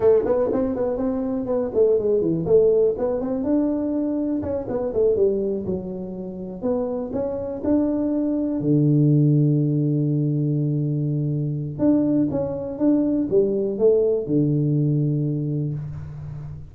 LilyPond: \new Staff \with { instrumentName = "tuba" } { \time 4/4 \tempo 4 = 122 a8 b8 c'8 b8 c'4 b8 a8 | gis8 e8 a4 b8 c'8 d'4~ | d'4 cis'8 b8 a8 g4 fis8~ | fis4. b4 cis'4 d'8~ |
d'4. d2~ d8~ | d1 | d'4 cis'4 d'4 g4 | a4 d2. | }